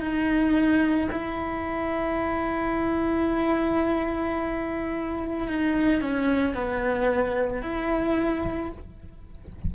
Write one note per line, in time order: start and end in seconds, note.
0.00 1.09 D#4
1.12 5.47 E4
5.47 6.01 D#4
6.01 6.54 C#4
6.54 7.62 B3
7.62 8.71 E4